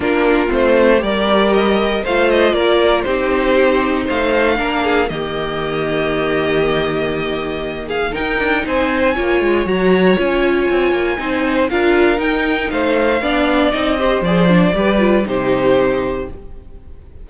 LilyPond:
<<
  \new Staff \with { instrumentName = "violin" } { \time 4/4 \tempo 4 = 118 ais'4 c''4 d''4 dis''4 | f''8 dis''8 d''4 c''2 | f''2 dis''2~ | dis''2.~ dis''8 f''8 |
g''4 gis''2 ais''4 | gis''2. f''4 | g''4 f''2 dis''4 | d''2 c''2 | }
  \new Staff \with { instrumentName = "violin" } { \time 4/4 f'2 ais'2 | c''4 ais'4 g'2 | c''4 ais'8 gis'8 g'2~ | g'2.~ g'8 gis'8 |
ais'4 c''4 cis''2~ | cis''2 c''4 ais'4~ | ais'4 c''4 d''4. c''8~ | c''4 b'4 g'2 | }
  \new Staff \with { instrumentName = "viola" } { \time 4/4 d'4 c'4 g'2 | f'2 dis'2~ | dis'4 d'4 ais2~ | ais1 |
dis'2 f'4 fis'4 | f'2 dis'4 f'4 | dis'2 d'4 dis'8 g'8 | gis'8 d'8 g'8 f'8 dis'2 | }
  \new Staff \with { instrumentName = "cello" } { \time 4/4 ais4 a4 g2 | a4 ais4 c'2 | a4 ais4 dis2~ | dis1 |
dis'8 d'8 c'4 ais8 gis8 fis4 | cis'4 c'8 ais8 c'4 d'4 | dis'4 a4 b4 c'4 | f4 g4 c2 | }
>>